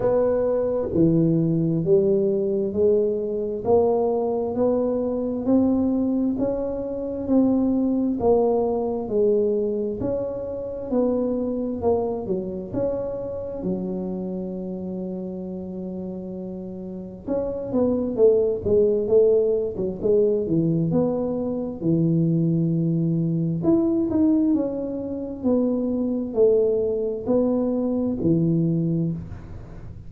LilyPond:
\new Staff \with { instrumentName = "tuba" } { \time 4/4 \tempo 4 = 66 b4 e4 g4 gis4 | ais4 b4 c'4 cis'4 | c'4 ais4 gis4 cis'4 | b4 ais8 fis8 cis'4 fis4~ |
fis2. cis'8 b8 | a8 gis8 a8. fis16 gis8 e8 b4 | e2 e'8 dis'8 cis'4 | b4 a4 b4 e4 | }